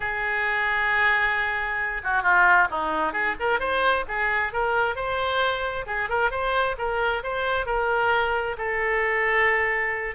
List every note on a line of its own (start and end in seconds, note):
0.00 2.02 G#4
2.03 2.22 F#4
2.22 2.68 F4
2.70 3.13 D#4
3.13 3.35 G#4
3.39 3.59 A#4
3.59 4.04 C5
4.08 4.52 G#4
4.52 4.95 A#4
4.95 5.85 C5
5.86 6.09 G#4
6.09 6.31 A#4
6.31 6.76 C5
6.78 7.23 A#4
7.23 7.66 C5
7.66 8.56 A#4
8.57 10.15 A4